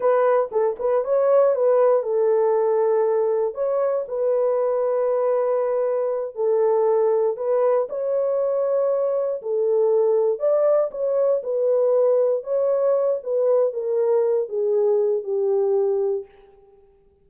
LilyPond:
\new Staff \with { instrumentName = "horn" } { \time 4/4 \tempo 4 = 118 b'4 a'8 b'8 cis''4 b'4 | a'2. cis''4 | b'1~ | b'8 a'2 b'4 cis''8~ |
cis''2~ cis''8 a'4.~ | a'8 d''4 cis''4 b'4.~ | b'8 cis''4. b'4 ais'4~ | ais'8 gis'4. g'2 | }